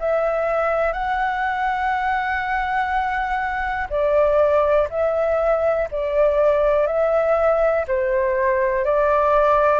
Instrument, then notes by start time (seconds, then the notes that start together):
flute
0.00 E5
0.93 F#5
3.90 D5
4.90 E5
5.92 D5
6.87 E5
7.88 C5
8.85 D5